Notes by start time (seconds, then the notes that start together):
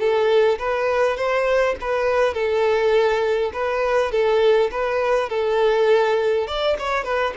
0.00 A4
0.59 B4
1.17 C5
1.81 B4
2.34 A4
3.53 B4
4.12 A4
4.72 B4
5.30 A4
6.48 D5
6.79 C#5
7.05 B4